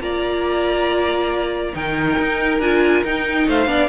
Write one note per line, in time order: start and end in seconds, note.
0.00 1.73 A#3
0.00 1.73 F4
0.00 1.74 D5
0.00 1.74 A#5
1.73 2.18 D#3
1.73 2.59 D#4
1.73 3.47 A#4
1.73 2.60 G5
2.18 2.59 D#4
2.59 3.02 D4
2.59 3.05 F4
2.59 3.03 G#5
3.04 3.47 D#4
3.04 3.67 D#4
3.04 3.48 G5
3.47 3.66 A3
3.47 3.70 C5
3.47 3.89 F5
3.66 3.87 B3
3.66 3.88 D4
3.66 3.89 D5